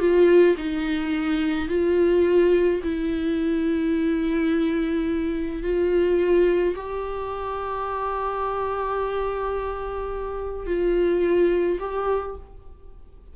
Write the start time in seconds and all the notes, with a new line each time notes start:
0.00 F4
0.58 D#4
1.69 F4
2.84 E4
5.63 F4
6.76 G4
10.67 F4
11.80 G4